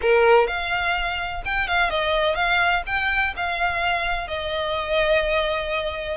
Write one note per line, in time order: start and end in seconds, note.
0.01 0.47 A#4
0.47 1.42 F5
1.45 1.67 G5
1.67 1.90 F5
1.90 2.35 D#5
2.35 2.82 F5
2.86 3.34 G5
3.36 4.27 F5
4.27 6.17 D#5